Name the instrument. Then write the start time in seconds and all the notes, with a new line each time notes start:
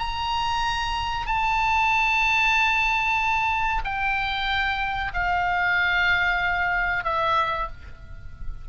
oboe
0.00 A#5
1.27 A5
3.85 G5
5.14 F5
7.04 E5